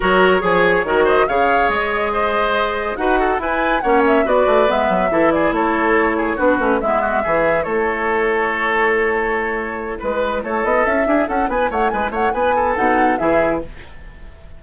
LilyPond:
<<
  \new Staff \with { instrumentName = "flute" } { \time 4/4 \tempo 4 = 141 cis''2~ cis''8 dis''8 f''4 | dis''2. fis''4 | gis''4 fis''8 e''8 d''4 e''4~ | e''8 d''8 cis''2 b'4 |
e''2 cis''2~ | cis''2.~ cis''8 b'8~ | b'8 cis''8 dis''8 e''4 fis''8 gis''8 fis''8 | gis''8 fis''8 gis''4 fis''4 e''4 | }
  \new Staff \with { instrumentName = "oboe" } { \time 4/4 ais'4 gis'4 ais'8 c''8 cis''4~ | cis''4 c''2 b'8 a'8 | b'4 cis''4 b'2 | a'8 gis'8 a'4. gis'8 fis'4 |
e'8 fis'8 gis'4 a'2~ | a'2.~ a'8 b'8~ | b'8 a'4. gis'8 a'8 b'8 cis''8 | b'8 cis''8 b'8 a'4. gis'4 | }
  \new Staff \with { instrumentName = "clarinet" } { \time 4/4 fis'4 gis'4 fis'4 gis'4~ | gis'2. fis'4 | e'4 cis'4 fis'4 b4 | e'2. d'8 cis'8 |
b4 e'2.~ | e'1~ | e'1~ | e'2 dis'4 e'4 | }
  \new Staff \with { instrumentName = "bassoon" } { \time 4/4 fis4 f4 dis4 cis4 | gis2. dis'4 | e'4 ais4 b8 a8 gis8 fis8 | e4 a2 b8 a8 |
gis4 e4 a2~ | a2.~ a8 gis8~ | gis8 a8 b8 cis'8 d'8 cis'8 b8 a8 | gis8 a8 b4 b,4 e4 | }
>>